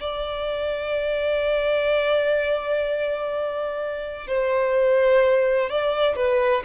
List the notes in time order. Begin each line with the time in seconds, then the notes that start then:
0.00 D5
4.27 C5
5.69 D5
6.16 B4